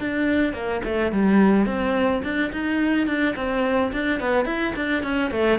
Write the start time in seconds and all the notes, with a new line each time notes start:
0.00 D4
0.53 A#3
0.84 A3
1.12 G3
1.66 C4
2.23 D4
2.52 D#4
3.06 D4
3.36 C4
3.92 D4
4.20 B3
4.45 E4
4.76 D4
5.03 C#4
5.30 A3